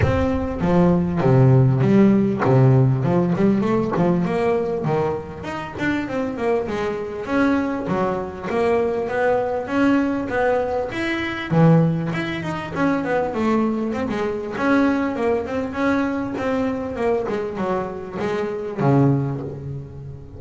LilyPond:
\new Staff \with { instrumentName = "double bass" } { \time 4/4 \tempo 4 = 99 c'4 f4 c4 g4 | c4 f8 g8 a8 f8 ais4 | dis4 dis'8 d'8 c'8 ais8 gis4 | cis'4 fis4 ais4 b4 |
cis'4 b4 e'4 e4 | e'8 dis'8 cis'8 b8 a4 c'16 gis8. | cis'4 ais8 c'8 cis'4 c'4 | ais8 gis8 fis4 gis4 cis4 | }